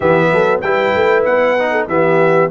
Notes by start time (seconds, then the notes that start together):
0.00 E3 B3 G4 E5
0.31 F#3 A4
0.61 G3 E4 B4 G5
0.94 A3
1.24 B3 F#5
1.58 D#4
1.71 A4
1.87 E3 B3 G4 E5